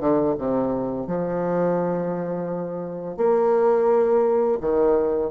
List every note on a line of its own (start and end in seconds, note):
0.00 0.35 D3
0.39 1.07 C3
1.07 3.17 F3
3.17 4.58 A#3
4.61 5.31 D#3